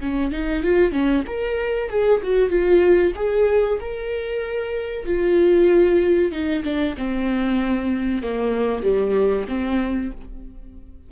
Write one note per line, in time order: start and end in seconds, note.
0.00 0.31 C#4
0.31 0.63 D#4
0.63 0.91 F4
0.91 1.23 C#4
1.27 1.89 A#4
1.89 2.21 G#4
2.23 2.49 F#4
2.49 3.12 F4
3.16 3.79 G#4
3.80 5.05 A#4
5.05 6.31 F4
6.32 6.63 D#4
6.63 6.95 D4
6.97 8.22 C4
8.22 8.83 A#3
8.83 9.46 G3
9.48 10.11 C4